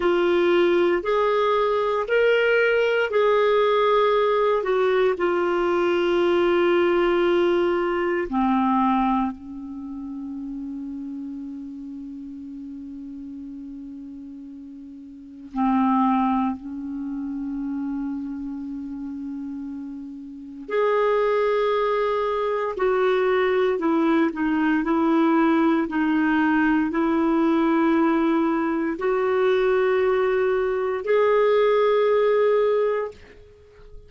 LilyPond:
\new Staff \with { instrumentName = "clarinet" } { \time 4/4 \tempo 4 = 58 f'4 gis'4 ais'4 gis'4~ | gis'8 fis'8 f'2. | c'4 cis'2.~ | cis'2. c'4 |
cis'1 | gis'2 fis'4 e'8 dis'8 | e'4 dis'4 e'2 | fis'2 gis'2 | }